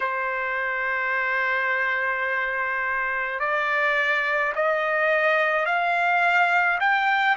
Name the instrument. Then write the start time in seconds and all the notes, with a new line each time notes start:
trumpet
0.00 C5
3.40 D5
4.55 D#5
5.65 F5
6.79 G5